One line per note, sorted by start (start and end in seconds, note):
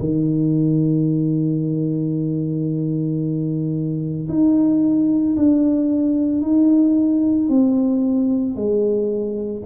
0.00 4.29 D#3
4.29 5.36 D#4
5.37 6.42 D4
6.42 7.49 D#4
7.49 8.56 C4
8.56 9.63 G#3